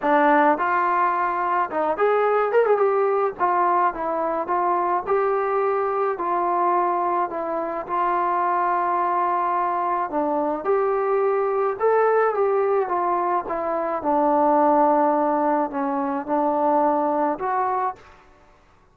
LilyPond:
\new Staff \with { instrumentName = "trombone" } { \time 4/4 \tempo 4 = 107 d'4 f'2 dis'8 gis'8~ | gis'8 ais'16 gis'16 g'4 f'4 e'4 | f'4 g'2 f'4~ | f'4 e'4 f'2~ |
f'2 d'4 g'4~ | g'4 a'4 g'4 f'4 | e'4 d'2. | cis'4 d'2 fis'4 | }